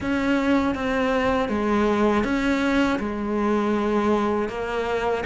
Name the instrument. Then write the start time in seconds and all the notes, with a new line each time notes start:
cello
0.00 C#4
0.75 C4
1.48 G#3
2.24 C#4
2.99 G#3
4.48 A#3